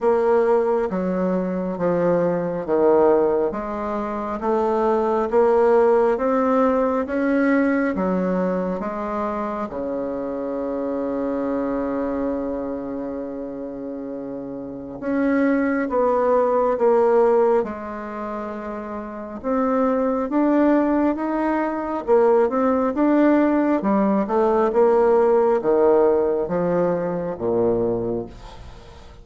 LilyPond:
\new Staff \with { instrumentName = "bassoon" } { \time 4/4 \tempo 4 = 68 ais4 fis4 f4 dis4 | gis4 a4 ais4 c'4 | cis'4 fis4 gis4 cis4~ | cis1~ |
cis4 cis'4 b4 ais4 | gis2 c'4 d'4 | dis'4 ais8 c'8 d'4 g8 a8 | ais4 dis4 f4 ais,4 | }